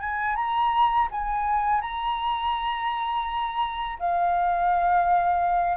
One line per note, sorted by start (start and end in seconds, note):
0.00 0.35 G#5
0.35 1.08 A#5
1.11 1.81 G#5
1.81 3.98 A#5
3.99 5.77 F5